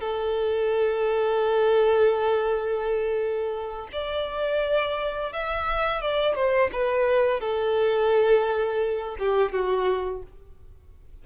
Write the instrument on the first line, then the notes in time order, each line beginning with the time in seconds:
violin
0.00 A4
3.92 D5
5.32 E5
6.01 D5
6.35 C5
6.72 B4
7.40 A4
9.19 G4
9.52 F#4